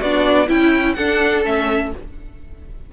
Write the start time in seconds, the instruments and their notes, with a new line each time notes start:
0.00 cello B3, viola D4, violin F#4 D5
0.47 cello C#4, viola E4, violin E4 G5
0.94 cello D4, viola D4, violin A4 F#5
1.45 cello A3, viola C#4, violin E5